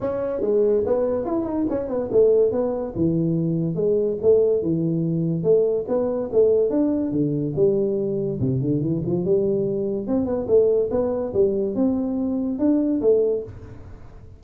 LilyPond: \new Staff \with { instrumentName = "tuba" } { \time 4/4 \tempo 4 = 143 cis'4 gis4 b4 e'8 dis'8 | cis'8 b8 a4 b4 e4~ | e4 gis4 a4 e4~ | e4 a4 b4 a4 |
d'4 d4 g2 | c8 d8 e8 f8 g2 | c'8 b8 a4 b4 g4 | c'2 d'4 a4 | }